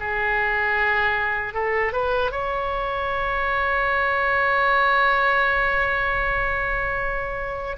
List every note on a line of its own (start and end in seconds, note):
0.00 1.54 G#4
1.54 1.93 A4
1.93 2.32 B4
2.32 7.77 C#5